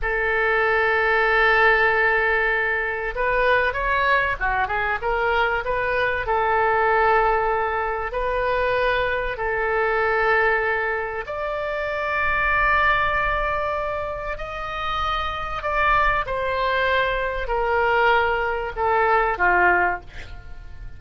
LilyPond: \new Staff \with { instrumentName = "oboe" } { \time 4/4 \tempo 4 = 96 a'1~ | a'4 b'4 cis''4 fis'8 gis'8 | ais'4 b'4 a'2~ | a'4 b'2 a'4~ |
a'2 d''2~ | d''2. dis''4~ | dis''4 d''4 c''2 | ais'2 a'4 f'4 | }